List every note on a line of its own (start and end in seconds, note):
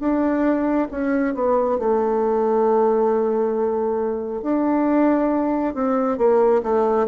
0.00 0.88 D4
0.91 1.35 C#4
1.35 1.79 B3
1.79 4.42 A3
4.42 5.74 D4
5.74 6.18 C4
6.18 6.62 A#3
6.63 7.07 A3